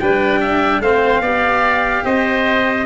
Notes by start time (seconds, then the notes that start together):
0.00 G3 D4 B4 G5
0.41 E5
0.80 A3 C4 C5 F5
1.20 B3 G4 D5
2.05 C4 C5 D#5